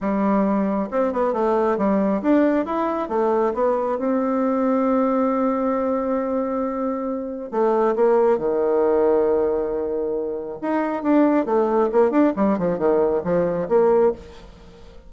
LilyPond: \new Staff \with { instrumentName = "bassoon" } { \time 4/4 \tempo 4 = 136 g2 c'8 b8 a4 | g4 d'4 e'4 a4 | b4 c'2.~ | c'1~ |
c'4 a4 ais4 dis4~ | dis1 | dis'4 d'4 a4 ais8 d'8 | g8 f8 dis4 f4 ais4 | }